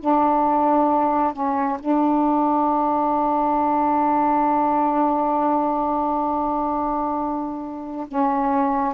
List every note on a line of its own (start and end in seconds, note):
0.00 1.34 D4
1.34 1.78 C#4
1.80 8.07 D4
8.08 8.94 C#4